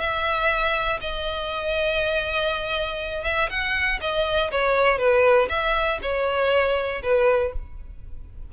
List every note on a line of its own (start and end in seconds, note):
0.00 1.00 E5
1.01 3.25 D#5
3.25 3.50 E5
3.50 4.00 F#5
4.01 4.51 D#5
4.52 4.99 C#5
4.99 5.49 B4
5.50 6.00 E5
6.02 7.02 C#5
7.03 7.53 B4